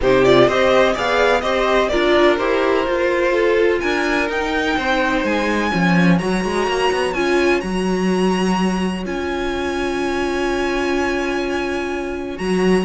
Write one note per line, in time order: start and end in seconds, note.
0.00 0.47 C3
0.00 0.25 D#4
0.00 0.46 G4
0.00 0.25 C5
0.25 0.49 F4
0.25 0.48 D5
0.46 0.95 C4
0.46 0.94 G4
0.46 0.92 C5
0.46 0.95 D#5
0.92 1.42 B3
0.92 1.42 G#4
0.92 1.40 D5
0.92 1.41 F5
1.41 1.89 C4
1.41 1.90 G4
1.41 1.90 C5
1.41 1.88 D#5
1.88 2.40 D4
1.88 2.38 F4
1.88 3.32 A#4
1.88 2.36 D5
2.37 2.86 E4
2.37 2.86 G4
2.37 3.79 C5
2.86 3.82 F4
2.86 4.29 F4
3.32 3.79 A4
3.79 4.29 D4
3.79 4.76 A#4
3.79 4.27 G#5
4.29 5.71 D#4
4.29 4.76 D#4
4.29 5.25 G5
4.76 5.24 C4
4.76 5.70 C5
5.24 5.71 G#3
5.24 6.18 G#5
5.70 6.21 F3
5.70 6.18 C#4
5.70 12.84 C#5
6.18 6.44 F#3
6.18 7.14 F#4
6.18 7.13 A#5
6.44 6.66 G#3
6.66 6.90 A#3
6.91 7.14 B3
7.13 7.61 C#4
7.13 7.61 F4
7.13 7.60 G#5
7.60 9.05 F#3
7.60 9.04 F#4
7.60 9.03 A#5
9.04 12.39 C#4
9.04 12.36 F4
9.04 12.38 G#5
12.36 12.85 F#3
12.36 12.83 F#4
12.36 12.85 A#5